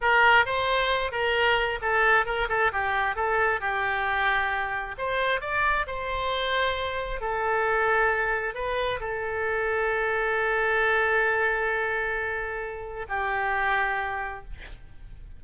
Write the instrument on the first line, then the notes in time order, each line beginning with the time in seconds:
oboe
0.01 A#4
0.45 C5
1.11 A#4
1.81 A4
2.25 A#4
2.49 A4
2.72 G4
3.15 A4
3.60 G4
4.98 C5
5.41 D5
5.86 C5
7.21 A4
8.54 B4
9.00 A4
13.08 G4